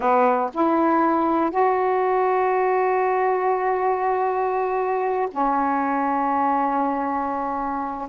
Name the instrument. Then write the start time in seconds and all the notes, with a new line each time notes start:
saxophone
0.00 B3
0.54 E4
1.50 F#4
5.31 C#4